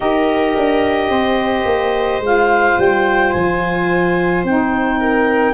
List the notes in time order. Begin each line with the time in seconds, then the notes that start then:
0.00 D#4 G4 A#4 D#5
0.56 D4
1.09 C4 C5
1.65 A#3
2.20 G#3 F4 F5
2.78 G3 G5
3.32 F3 G#5
4.44 C4 D#4 G5
4.99 A#4